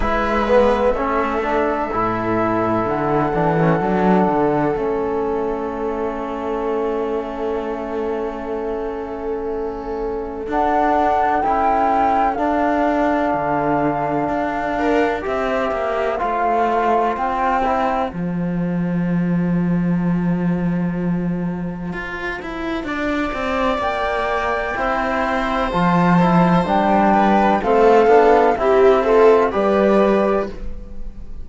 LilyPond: <<
  \new Staff \with { instrumentName = "flute" } { \time 4/4 \tempo 4 = 63 e''2. fis''4~ | fis''4 e''2.~ | e''2. fis''4 | g''4 f''2. |
e''4 f''4 g''4 a''4~ | a''1~ | a''4 g''2 a''4 | g''4 f''4 e''4 d''4 | }
  \new Staff \with { instrumentName = "viola" } { \time 4/4 b'4 a'2.~ | a'1~ | a'1~ | a'2.~ a'8 ais'8 |
c''1~ | c''1 | d''2 c''2~ | c''8 b'8 a'4 g'8 a'8 b'4 | }
  \new Staff \with { instrumentName = "trombone" } { \time 4/4 e'8 b8 cis'8 d'8 e'4. d'16 cis'16 | d'4 cis'2.~ | cis'2. d'4 | e'4 d'2. |
g'4 f'4. e'8 f'4~ | f'1~ | f'2 e'4 f'8 e'8 | d'4 c'8 d'8 e'8 f'8 g'4 | }
  \new Staff \with { instrumentName = "cello" } { \time 4/4 gis4 a4 a,4 d8 e8 | fis8 d8 a2.~ | a2. d'4 | cis'4 d'4 d4 d'4 |
c'8 ais8 a4 c'4 f4~ | f2. f'8 e'8 | d'8 c'8 ais4 c'4 f4 | g4 a8 b8 c'4 g4 | }
>>